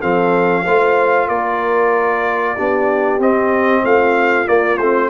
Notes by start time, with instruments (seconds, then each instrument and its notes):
0.00 tuba F3, trombone C4, horn A4, trumpet F5
0.64 tuba A3, trombone F4, horn C5
1.28 tuba A#3, horn A#4, trumpet D5
2.56 tuba B3, trombone D4, horn G4
3.19 tuba C4, trombone C4, trumpet D#5
3.84 tuba A3, horn F4, trumpet F5
4.46 trombone A#3, tuba A#3, trumpet D5
4.78 tuba A3, trombone C4, trumpet C5